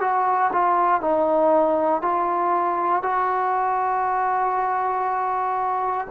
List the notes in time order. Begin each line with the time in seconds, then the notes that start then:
0.00 F#4
0.52 F4
1.01 D#4
2.01 F4
3.02 F#4